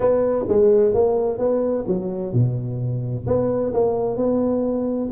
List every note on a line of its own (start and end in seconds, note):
0.00 0.45 B3
0.48 0.93 G#3
0.93 1.38 A#3
1.38 1.85 B3
1.87 2.33 F#3
2.33 3.26 B2
3.26 3.73 B3
3.73 4.16 A#3
4.16 5.09 B3